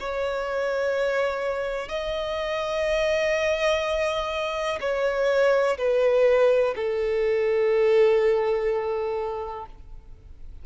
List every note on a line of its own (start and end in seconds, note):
0.00 1.89 C#5
1.89 4.79 D#5
4.81 5.78 C#5
5.78 6.75 B4
6.76 9.66 A4